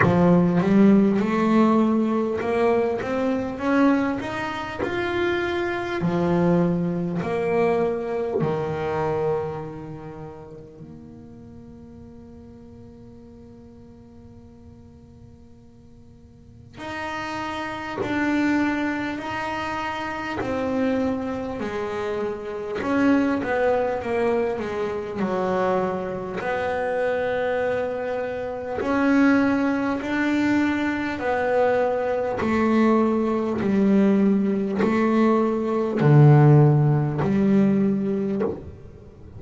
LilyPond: \new Staff \with { instrumentName = "double bass" } { \time 4/4 \tempo 4 = 50 f8 g8 a4 ais8 c'8 cis'8 dis'8 | f'4 f4 ais4 dis4~ | dis4 ais2.~ | ais2 dis'4 d'4 |
dis'4 c'4 gis4 cis'8 b8 | ais8 gis8 fis4 b2 | cis'4 d'4 b4 a4 | g4 a4 d4 g4 | }